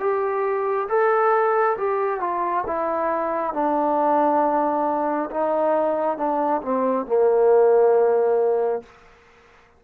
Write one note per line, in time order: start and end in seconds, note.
0.00 0.88 G4
0.89 1.77 A4
1.78 2.20 G4
2.20 2.64 F4
2.67 3.54 E4
3.54 5.30 D4
5.31 6.18 D#4
6.18 6.62 D4
6.63 7.06 C4
7.06 8.83 A#3